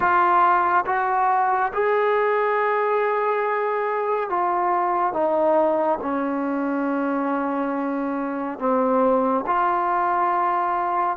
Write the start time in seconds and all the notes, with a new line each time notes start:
0.00 F4
0.86 F#4
1.73 G#4
4.29 F4
5.13 D#4
6.01 C#4
8.58 C4
9.46 F4